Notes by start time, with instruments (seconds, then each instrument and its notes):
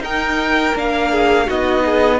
0.00 cello D#4, viola D#4, violin A#4 G5
0.75 cello A#3, viola D4, violin F5
1.12 violin G#4
1.46 cello B3, viola D#4, violin F#4 D#5
1.85 violin G#4